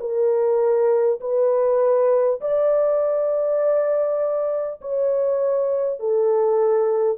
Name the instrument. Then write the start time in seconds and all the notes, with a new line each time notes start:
horn
0.00 A#4
1.21 B4
2.41 D5
4.82 C#5
6.00 A4